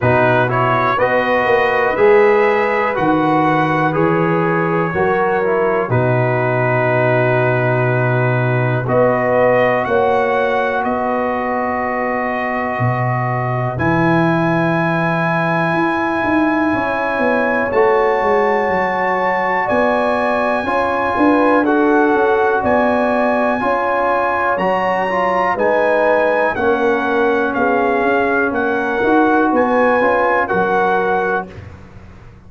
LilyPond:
<<
  \new Staff \with { instrumentName = "trumpet" } { \time 4/4 \tempo 4 = 61 b'8 cis''8 dis''4 e''4 fis''4 | cis''2 b'2~ | b'4 dis''4 fis''4 dis''4~ | dis''2 gis''2~ |
gis''2 a''2 | gis''2 fis''4 gis''4~ | gis''4 ais''4 gis''4 fis''4 | f''4 fis''4 gis''4 fis''4 | }
  \new Staff \with { instrumentName = "horn" } { \time 4/4 fis'4 b'2.~ | b'4 ais'4 fis'2~ | fis'4 b'4 cis''4 b'4~ | b'1~ |
b'4 cis''2. | d''4 cis''8 b'8 a'4 d''4 | cis''2 b'4 ais'4 | gis'4 ais'4 b'4 ais'4 | }
  \new Staff \with { instrumentName = "trombone" } { \time 4/4 dis'8 e'8 fis'4 gis'4 fis'4 | gis'4 fis'8 e'8 dis'2~ | dis'4 fis'2.~ | fis'2 e'2~ |
e'2 fis'2~ | fis'4 f'4 fis'2 | f'4 fis'8 f'8 dis'4 cis'4~ | cis'4. fis'4 f'8 fis'4 | }
  \new Staff \with { instrumentName = "tuba" } { \time 4/4 b,4 b8 ais8 gis4 dis4 | e4 fis4 b,2~ | b,4 b4 ais4 b4~ | b4 b,4 e2 |
e'8 dis'8 cis'8 b8 a8 gis8 fis4 | b4 cis'8 d'4 cis'8 b4 | cis'4 fis4 gis4 ais4 | b8 cis'8 ais8 dis'8 b8 cis'8 fis4 | }
>>